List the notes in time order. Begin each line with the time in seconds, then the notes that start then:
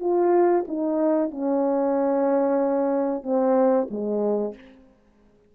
0.00 F4
0.67 D#4
1.30 C#4
3.23 C4
3.90 G#3